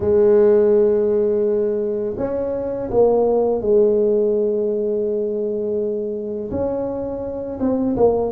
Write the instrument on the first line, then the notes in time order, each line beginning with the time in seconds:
tuba
0.00 G#3
2.17 C#4
2.90 A#3
3.61 G#3
6.51 C#4
7.59 C4
7.96 A#3